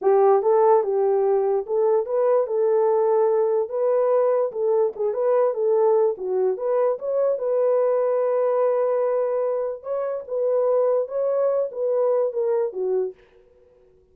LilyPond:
\new Staff \with { instrumentName = "horn" } { \time 4/4 \tempo 4 = 146 g'4 a'4 g'2 | a'4 b'4 a'2~ | a'4 b'2 a'4 | gis'8 b'4 a'4. fis'4 |
b'4 cis''4 b'2~ | b'1 | cis''4 b'2 cis''4~ | cis''8 b'4. ais'4 fis'4 | }